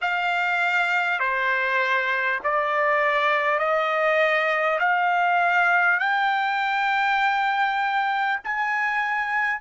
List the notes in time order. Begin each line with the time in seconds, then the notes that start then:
0.01 F5
1.19 C5
2.43 D5
3.58 D#5
4.79 F5
5.99 G5
8.43 G#5